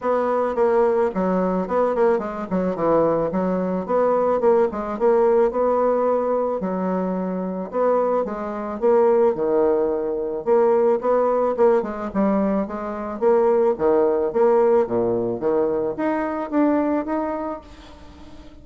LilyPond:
\new Staff \with { instrumentName = "bassoon" } { \time 4/4 \tempo 4 = 109 b4 ais4 fis4 b8 ais8 | gis8 fis8 e4 fis4 b4 | ais8 gis8 ais4 b2 | fis2 b4 gis4 |
ais4 dis2 ais4 | b4 ais8 gis8 g4 gis4 | ais4 dis4 ais4 ais,4 | dis4 dis'4 d'4 dis'4 | }